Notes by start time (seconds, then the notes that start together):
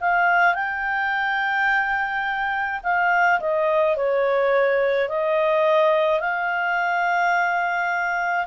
0.00 F5
0.54 G5
2.83 F5
3.40 D#5
3.96 C#5
5.08 D#5
6.20 F5